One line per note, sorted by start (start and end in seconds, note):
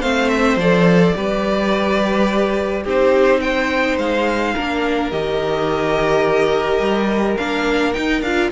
0.00 0.56 A3
0.00 0.59 C4
0.00 1.13 C5
0.00 0.29 F5
0.29 0.57 E5
0.56 1.13 F3
0.56 1.15 A4
0.56 2.86 D5
1.15 2.85 G3
1.15 2.85 G4
1.15 2.83 B4
2.83 3.98 C4
2.83 4.55 D#4
2.83 3.40 G4
2.83 3.41 C5
3.41 4.54 C5
3.41 3.97 G5
3.98 4.54 G#3
3.98 5.11 F5
4.54 5.12 A#3
4.54 5.12 D4
4.54 8.51 A#4
5.11 6.79 D#3
5.11 7.38 G4
5.11 7.37 D#5
6.79 7.36 G3
7.37 7.97 A#3
7.37 7.94 D4
7.37 7.93 F5
7.93 8.22 D#4
7.93 8.21 G5
8.22 8.50 D4
8.22 8.52 F4
8.22 8.50 F5